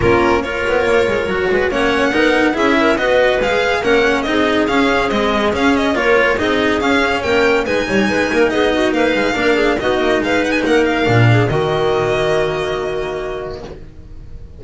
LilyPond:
<<
  \new Staff \with { instrumentName = "violin" } { \time 4/4 \tempo 4 = 141 ais'4 cis''2. | fis''2 e''4 dis''4 | f''4 fis''4 dis''4 f''4 | dis''4 f''8 dis''8 cis''4 dis''4 |
f''4 g''4 gis''2 | dis''4 f''2 dis''4 | f''8 fis''16 gis''16 fis''8 f''4. dis''4~ | dis''1 | }
  \new Staff \with { instrumentName = "clarinet" } { \time 4/4 f'4 ais'2~ ais'8 b'8 | cis''4 ais'4 gis'8 ais'8 b'4~ | b'4 ais'4 gis'2~ | gis'2 ais'4 gis'4~ |
gis'4 ais'4 b'8 cis''8 b'8 ais'8 | gis'8 fis'8 b'4 ais'8 gis'8 fis'4 | b'4 ais'4. gis'8 fis'4~ | fis'1 | }
  \new Staff \with { instrumentName = "cello" } { \time 4/4 cis'4 f'2 fis'4 | cis'4 dis'4 e'4 fis'4 | gis'4 cis'4 dis'4 cis'4 | gis4 cis'4 f'4 dis'4 |
cis'2 dis'2~ | dis'2 d'4 dis'4~ | dis'2 d'4 ais4~ | ais1 | }
  \new Staff \with { instrumentName = "double bass" } { \time 4/4 ais4. b8 ais8 gis8 fis8 gis8 | ais4 b4 cis'4 b4 | gis4 ais4 c'4 cis'4 | c'4 cis'4 ais4 c'4 |
cis'4 ais4 gis8 g8 gis8 ais8 | b4 ais8 gis8 ais4 b8 ais8 | gis4 ais4 ais,4 dis4~ | dis1 | }
>>